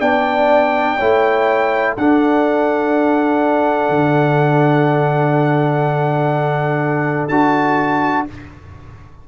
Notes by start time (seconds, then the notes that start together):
0.00 B3 D4 D5 G5
0.97 A3 E4 C#5
1.97 D4 A4 F#5
3.89 D3
7.28 D4 F#4 A5